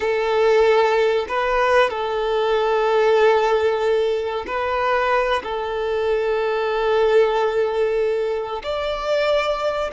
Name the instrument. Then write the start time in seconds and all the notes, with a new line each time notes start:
violin
0.00 A4
1.28 B4
1.90 A4
4.47 B4
5.43 A4
8.63 D5